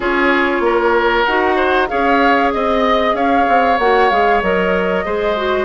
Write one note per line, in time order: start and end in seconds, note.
0.00 0.60 C#4
0.00 1.26 F4
0.00 0.62 G#4
0.00 1.24 C#5
0.60 1.23 A#3
0.60 1.56 A#4
1.24 1.90 D#4
1.24 1.87 F#4
1.24 1.87 F#5
1.56 1.87 C5
1.87 2.54 C#4
1.87 3.77 G#4
1.87 2.53 C#5
1.87 2.51 F5
2.53 3.14 C4
2.53 3.15 D#5
3.14 3.45 C#4
3.14 5.05 C#5
3.14 3.78 F5
3.48 3.78 C4
3.78 4.10 A#3
3.78 4.11 F#4
3.78 4.10 F#5
4.10 4.42 G#3
4.10 4.42 G#4
4.10 4.41 F5
4.42 5.05 F#3
4.42 5.05 A#4
4.42 5.65 D#5
5.05 5.65 G#3
5.05 5.36 G#4
5.05 5.65 C5
5.36 5.65 F#4